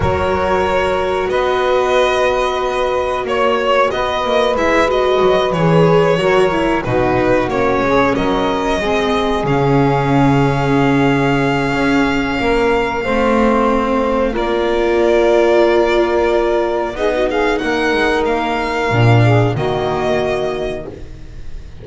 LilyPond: <<
  \new Staff \with { instrumentName = "violin" } { \time 4/4 \tempo 4 = 92 cis''2 dis''2~ | dis''4 cis''4 dis''4 e''8 dis''8~ | dis''8 cis''2 b'4 cis''8~ | cis''8 dis''2 f''4.~ |
f''1~ | f''2 d''2~ | d''2 dis''8 f''8 fis''4 | f''2 dis''2 | }
  \new Staff \with { instrumentName = "saxophone" } { \time 4/4 ais'2 b'2~ | b'4 cis''4 b'2~ | b'4. ais'4 fis'4. | gis'8 ais'4 gis'2~ gis'8~ |
gis'2. ais'4 | c''2 ais'2~ | ais'2 gis'16 fis'16 gis'8 ais'4~ | ais'4. gis'8 fis'2 | }
  \new Staff \with { instrumentName = "viola" } { \time 4/4 fis'1~ | fis'2. e'8 fis'8~ | fis'8 gis'4 fis'8 e'8 dis'4 cis'8~ | cis'4. c'4 cis'4.~ |
cis'1 | c'2 f'2~ | f'2 dis'2~ | dis'4 d'4 ais2 | }
  \new Staff \with { instrumentName = "double bass" } { \time 4/4 fis2 b2~ | b4 ais4 b8 ais8 gis4 | fis8 e4 fis4 b,4 ais8 | gis8 fis4 gis4 cis4.~ |
cis2 cis'4 ais4 | a2 ais2~ | ais2 b4 ais8 gis8 | ais4 ais,4 dis2 | }
>>